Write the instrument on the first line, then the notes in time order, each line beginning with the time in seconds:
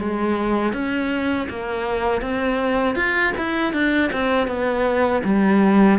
cello
0.00 G#3
0.73 C#4
1.50 A#3
2.22 C4
2.96 F4
3.38 E4
3.74 D4
4.13 C4
4.48 B3
5.25 G3